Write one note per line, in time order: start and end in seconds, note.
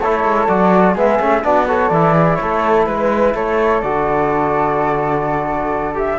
0.00 0.24 A3
0.00 0.48 E4
0.00 0.94 A4
0.00 0.48 C#5
0.24 0.48 G#3
0.48 0.96 F#3
0.48 0.96 F#4
0.48 0.95 D5
0.94 1.19 G#3
0.94 1.20 B3
0.94 1.41 G#4
0.94 1.44 E5
1.20 1.44 A3
1.20 1.43 C#4
1.42 1.90 B3
1.42 1.67 D4
1.42 1.66 F#4
1.42 1.68 D5
1.68 1.92 F#4
1.68 2.13 A4
1.68 1.88 C#5
1.88 2.38 E3
1.88 3.84 E4
1.88 2.35 D5
2.13 2.37 G#4
2.35 2.87 A3
2.35 2.87 A4
2.35 2.83 C#5
2.87 3.34 G#3
2.87 3.34 B4
3.35 3.82 A3
3.35 6.19 A4
3.35 3.81 C#5
3.81 6.19 D3
3.81 5.94 F#4
3.81 5.96 D5
5.94 6.18 G4
5.94 6.19 E5